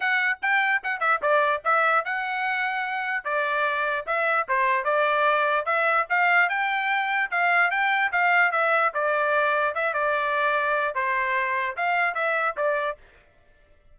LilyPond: \new Staff \with { instrumentName = "trumpet" } { \time 4/4 \tempo 4 = 148 fis''4 g''4 fis''8 e''8 d''4 | e''4 fis''2. | d''2 e''4 c''4 | d''2 e''4 f''4 |
g''2 f''4 g''4 | f''4 e''4 d''2 | e''8 d''2~ d''8 c''4~ | c''4 f''4 e''4 d''4 | }